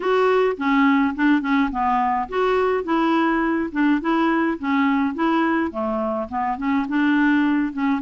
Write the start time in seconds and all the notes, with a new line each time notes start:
0.00 F#4
0.57 C#4
1.15 D4
1.41 C#4
1.71 B3
2.28 F#4
2.84 E4
3.72 D4
4.00 E4
4.58 C#4
5.14 E4
5.71 A3
6.29 B3
6.57 C#4
6.88 D4
7.72 C#4